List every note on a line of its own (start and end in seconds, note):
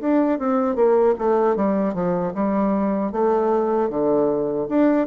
0.00 0.39 D4
0.39 0.75 C4
0.75 1.14 A#3
1.18 1.55 A3
1.55 1.93 G3
1.93 2.32 F3
2.34 3.11 G3
3.11 3.89 A3
3.89 4.67 D3
4.68 5.06 D4